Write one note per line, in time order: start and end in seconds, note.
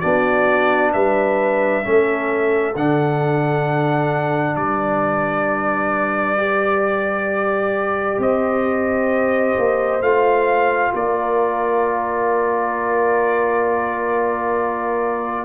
0.00 0.95 B3
0.00 1.83 D4
0.00 0.91 F#4
0.00 0.91 D5
0.93 1.85 G3
0.93 1.84 B4
0.93 2.75 E5
1.83 2.75 A3
1.83 2.74 C#4
1.83 4.59 A4
2.75 4.56 D3
2.75 6.37 D4
2.75 4.56 F#5
4.56 8.19 G3
4.56 8.20 B4
4.56 8.20 D5
6.37 10.01 G4
8.19 9.55 C4
8.19 10.92 C5
8.19 10.02 D#5
9.58 10.01 A#3
10.01 10.92 A3
10.01 15.45 F4
10.01 10.93 F5
10.94 15.45 A#3
10.94 15.45 A#4
10.94 15.45 D5